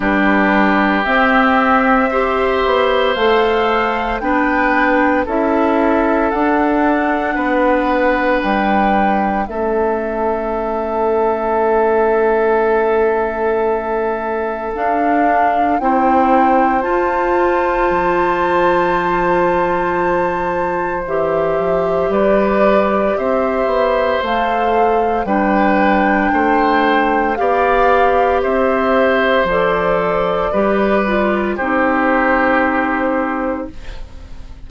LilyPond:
<<
  \new Staff \with { instrumentName = "flute" } { \time 4/4 \tempo 4 = 57 b'4 e''2 f''4 | g''4 e''4 fis''2 | g''4 e''2.~ | e''2 f''4 g''4 |
a''1 | e''4 d''4 e''4 f''4 | g''2 f''4 e''4 | d''2 c''2 | }
  \new Staff \with { instrumentName = "oboe" } { \time 4/4 g'2 c''2 | b'4 a'2 b'4~ | b'4 a'2.~ | a'2. c''4~ |
c''1~ | c''4 b'4 c''2 | b'4 c''4 d''4 c''4~ | c''4 b'4 g'2 | }
  \new Staff \with { instrumentName = "clarinet" } { \time 4/4 d'4 c'4 g'4 a'4 | d'4 e'4 d'2~ | d'4 cis'2.~ | cis'2 d'4 e'4 |
f'1 | g'2. a'4 | d'2 g'2 | a'4 g'8 f'8 dis'2 | }
  \new Staff \with { instrumentName = "bassoon" } { \time 4/4 g4 c'4. b8 a4 | b4 cis'4 d'4 b4 | g4 a2.~ | a2 d'4 c'4 |
f'4 f2. | e8 f8 g4 c'8 b8 a4 | g4 a4 b4 c'4 | f4 g4 c'2 | }
>>